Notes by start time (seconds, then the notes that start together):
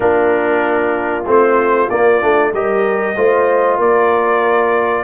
0.00 A#3 D4 F4 A#4
1.26 A3 C4 C5
1.89 A#3 D5
2.21 A3 D4
2.53 G3 G4 A#4 D#5
3.16 A3 F4 C5
3.76 A#3 A#4 D5